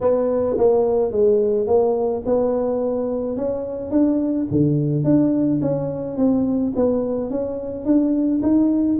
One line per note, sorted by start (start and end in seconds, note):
0.01 0.57 B3
0.57 1.11 A#3
1.11 1.66 G#3
1.66 2.23 A#3
2.25 3.36 B3
3.36 3.90 C#4
3.90 4.47 D4
4.50 5.04 D3
5.04 5.60 D4
5.61 6.17 C#4
6.17 6.73 C4
6.75 7.30 B3
7.30 7.85 C#4
7.85 8.41 D4
8.42 8.98 D#4